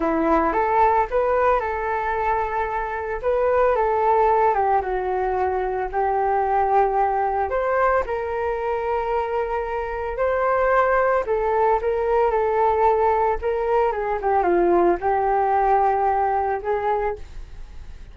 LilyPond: \new Staff \with { instrumentName = "flute" } { \time 4/4 \tempo 4 = 112 e'4 a'4 b'4 a'4~ | a'2 b'4 a'4~ | a'8 g'8 fis'2 g'4~ | g'2 c''4 ais'4~ |
ais'2. c''4~ | c''4 a'4 ais'4 a'4~ | a'4 ais'4 gis'8 g'8 f'4 | g'2. gis'4 | }